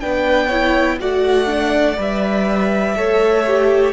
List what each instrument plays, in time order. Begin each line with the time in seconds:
0.00 cello B3, viola D4, violin B4 G5
0.47 viola E4, violin C#5
1.00 cello A3, viola F#4, violin D5 F#5
1.46 viola D4
1.97 cello G3, viola B4, violin E5
2.95 cello A3, viola A4, violin C#5
3.47 viola G4